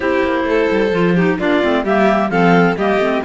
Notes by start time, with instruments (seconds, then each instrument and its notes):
0.00 cello C4, clarinet E4 C5, violin G4
0.23 cello A#3
0.43 cello A3, violin A4
0.70 cello G3
0.91 cello F3, clarinet F4
1.15 clarinet D#4, violin G4
1.38 cello A#3, clarinet D4 D5, violin F4
1.62 cello A3, clarinet C4
1.83 cello G3, clarinet A#3 E5, violin G4
2.29 cello F3, clarinet C4 F5, violin A4
2.77 cello G3, clarinet A#3 D#5, violin G4
2.97 cello A3, clarinet C4